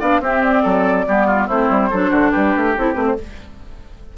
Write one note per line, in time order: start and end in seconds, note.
0.00 0.20 B3
0.00 0.22 D4
0.00 0.21 D5
0.00 0.23 F5
0.20 0.63 C4
0.20 1.07 C4
0.20 0.63 G4
0.20 0.43 E5
0.43 1.49 D5
0.63 1.07 F#3
0.63 1.05 A4
1.07 1.49 G3
1.07 1.50 B3
1.07 1.27 G4
1.27 1.47 F4
1.47 1.70 A3
1.47 1.92 C4
1.47 1.89 E4
1.47 2.31 C5
1.70 1.91 G3
1.91 2.11 F#3
1.91 2.78 D4
1.91 2.10 A4
2.10 2.32 D3
2.10 2.31 F#4
2.31 2.56 G3
2.31 3.16 G4
2.31 2.74 B4
2.56 2.77 A3
2.77 2.96 C4
2.77 2.95 E4
2.77 2.95 A4
2.95 3.17 A3
2.95 3.16 C4
2.95 3.05 B4
3.07 3.18 C5